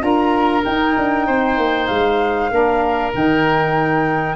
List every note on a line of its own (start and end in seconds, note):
0.00 0.64 D4
0.00 0.62 F4
0.00 1.27 A#4
0.00 0.64 A#5
0.65 2.51 D#4
0.65 0.97 D#4
0.65 1.87 G5
0.97 1.28 D4
1.27 1.57 C4
1.27 2.51 C5
1.57 1.88 A#3
1.87 2.50 G#3
1.87 3.11 F5
2.50 3.12 A#3
2.50 3.12 D4
2.50 4.36 A#4
3.14 4.36 D#3
3.14 4.36 D#4
3.14 4.36 G5